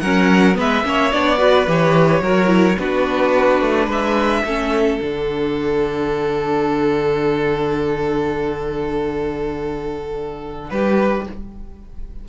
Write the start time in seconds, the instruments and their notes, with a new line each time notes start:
0.00 cello F#3, viola C#4, violin A#4 F#5
0.54 cello G#3, viola B3, violin B4
0.60 violin E5
0.84 cello A#3, viola C#4, violin C#5
1.12 cello B3, viola D4, violin D5
1.38 viola F#4, violin B4
1.67 cello E3, viola G4, violin C#5
2.21 cello F#3, viola F#4, violin A#4
2.47 viola E4
2.79 cello B3, viola D4, violin F#4 B4
3.61 cello A3
3.86 cello G#3, violin B4 E5
4.44 cello A3, viola C#4, violin A4
5.01 cello D3, viola D4, violin F#5
10.70 cello G3, violin G4 B4